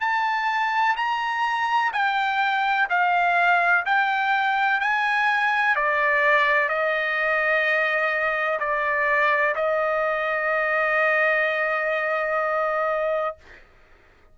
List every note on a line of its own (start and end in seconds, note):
0.00 0.95 A5
0.97 1.92 A#5
1.93 2.88 G5
2.90 3.85 F5
3.86 4.81 G5
4.81 5.75 G#5
5.75 6.69 D5
6.69 8.59 D#5
8.60 9.55 D5
9.55 13.36 D#5